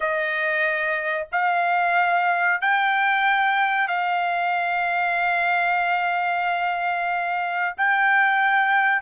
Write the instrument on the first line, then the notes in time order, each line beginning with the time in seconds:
trumpet
0.00 D#5
1.32 F5
2.61 G5
3.88 F5
7.77 G5